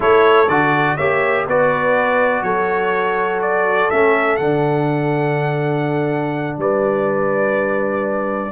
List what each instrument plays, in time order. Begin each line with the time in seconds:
0.00 tuba A3, trombone E4, horn A4, trumpet C#5
0.48 tuba D3, trombone F#4, trumpet D5
0.96 tuba A#3, trombone G4, horn C#5, trumpet E5
1.47 tuba B3, trombone F#4, horn B4, trumpet D5
2.42 tuba F#3, horn A4, trumpet C#5
3.41 trumpet D5
3.90 tuba A3, trombone C#4, trumpet E5
4.36 tuba D3, trombone D4, trumpet F#5
6.57 tuba G3, horn B4, trumpet D5